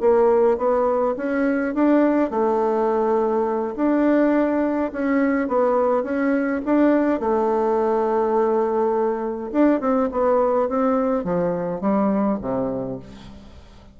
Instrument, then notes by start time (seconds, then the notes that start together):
bassoon
0.00 A#3
0.57 B3
1.17 C#4
1.74 D4
2.30 A3
3.76 D4
4.92 C#4
5.48 B3
6.03 C#4
6.65 D4
7.20 A3
9.52 D4
9.80 C4
10.11 B3
10.69 C4
11.24 F3
11.81 G3
12.41 C3